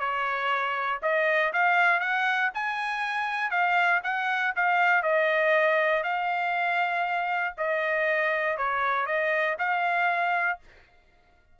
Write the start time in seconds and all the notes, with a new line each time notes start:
0.00 C#5
1.03 D#5
1.53 F5
2.01 F#5
2.54 G#5
3.51 F5
4.04 F#5
4.56 F5
5.03 D#5
6.04 F5
7.58 D#5
8.58 C#5
9.07 D#5
9.59 F5